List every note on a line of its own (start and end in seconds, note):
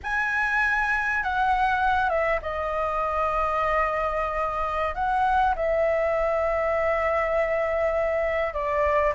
0.03 1.23 G#5
1.23 2.09 F#5
2.09 2.39 E5
2.42 4.94 D#5
4.94 5.54 F#5
5.55 8.53 E5
8.53 9.13 D5